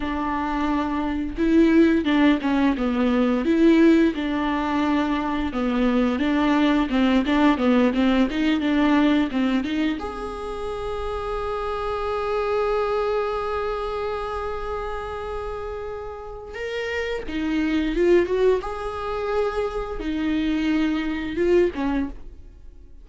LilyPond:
\new Staff \with { instrumentName = "viola" } { \time 4/4 \tempo 4 = 87 d'2 e'4 d'8 cis'8 | b4 e'4 d'2 | b4 d'4 c'8 d'8 b8 c'8 | dis'8 d'4 c'8 dis'8 gis'4.~ |
gis'1~ | gis'1 | ais'4 dis'4 f'8 fis'8 gis'4~ | gis'4 dis'2 f'8 cis'8 | }